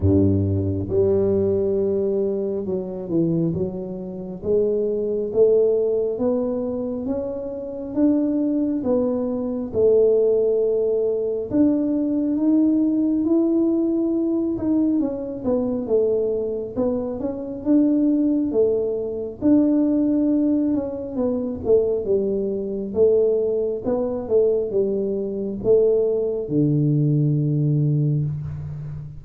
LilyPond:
\new Staff \with { instrumentName = "tuba" } { \time 4/4 \tempo 4 = 68 g,4 g2 fis8 e8 | fis4 gis4 a4 b4 | cis'4 d'4 b4 a4~ | a4 d'4 dis'4 e'4~ |
e'8 dis'8 cis'8 b8 a4 b8 cis'8 | d'4 a4 d'4. cis'8 | b8 a8 g4 a4 b8 a8 | g4 a4 d2 | }